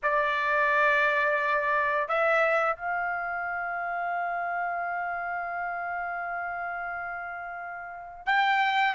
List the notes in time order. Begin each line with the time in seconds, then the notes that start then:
0.03 D5
2.08 E5
2.76 F5
8.26 G5